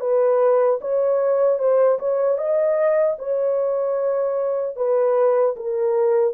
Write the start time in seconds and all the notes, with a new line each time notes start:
0.00 B4
0.81 C#5
1.59 C5
1.98 C#5
2.37 D#5
3.18 C#5
4.76 B4
5.56 A#4